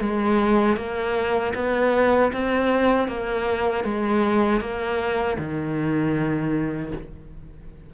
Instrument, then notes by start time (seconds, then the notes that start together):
cello
0.00 G#3
0.76 A#3
1.55 B3
2.32 C4
3.08 A#3
3.84 G#3
4.60 A#3
5.38 D#3